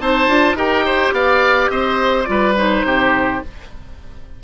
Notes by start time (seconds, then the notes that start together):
0.00 C4 D#4 C5 A5
0.27 D4 F4
0.55 D#4 G4 A#4 G5
0.86 C5
1.12 B3 D5 F5
1.70 C4 C5 D#5
2.24 G3 F4 D5
2.31 B4
2.57 D#4 C5
2.84 C3 G4